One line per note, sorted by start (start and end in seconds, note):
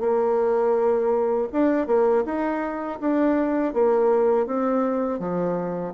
0.00 1.48 A#3
1.53 1.87 D4
1.87 2.24 A#3
2.25 2.99 D#4
3.01 3.74 D4
3.74 4.46 A#3
4.46 5.19 C4
5.19 5.93 F3